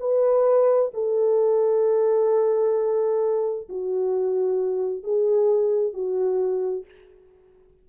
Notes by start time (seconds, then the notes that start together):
0.00 B4
0.94 A4
3.69 F#4
5.04 G#4
5.93 F#4